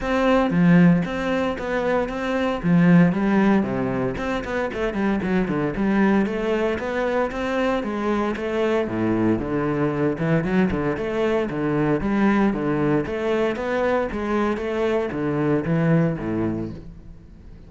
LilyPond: \new Staff \with { instrumentName = "cello" } { \time 4/4 \tempo 4 = 115 c'4 f4 c'4 b4 | c'4 f4 g4 c4 | c'8 b8 a8 g8 fis8 d8 g4 | a4 b4 c'4 gis4 |
a4 a,4 d4. e8 | fis8 d8 a4 d4 g4 | d4 a4 b4 gis4 | a4 d4 e4 a,4 | }